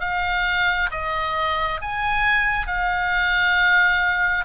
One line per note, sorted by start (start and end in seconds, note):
0.00 0.90 F5
0.91 1.80 D#5
1.81 2.67 G#5
2.67 4.45 F5